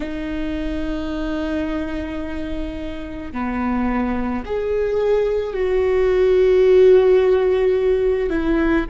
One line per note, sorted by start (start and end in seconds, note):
0.00 3.32 D#4
3.32 4.43 B3
4.45 5.53 G#4
5.53 8.29 F#4
8.29 8.85 E4